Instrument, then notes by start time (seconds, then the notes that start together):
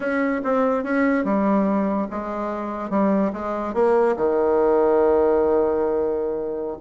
bassoon
0.00 C#4
0.44 C4
0.83 C#4
1.24 G3
2.10 G#3
2.90 G3
3.32 G#3
3.73 A#3
4.16 D#3